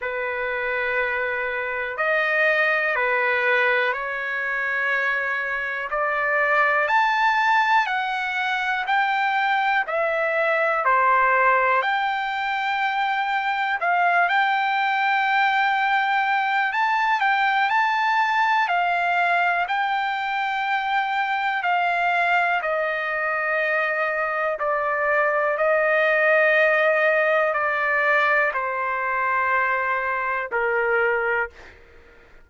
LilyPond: \new Staff \with { instrumentName = "trumpet" } { \time 4/4 \tempo 4 = 61 b'2 dis''4 b'4 | cis''2 d''4 a''4 | fis''4 g''4 e''4 c''4 | g''2 f''8 g''4.~ |
g''4 a''8 g''8 a''4 f''4 | g''2 f''4 dis''4~ | dis''4 d''4 dis''2 | d''4 c''2 ais'4 | }